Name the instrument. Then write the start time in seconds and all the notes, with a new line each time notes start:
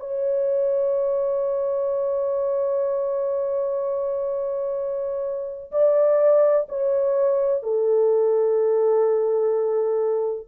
horn
0.00 C#5
5.72 D5
6.69 C#5
7.63 A4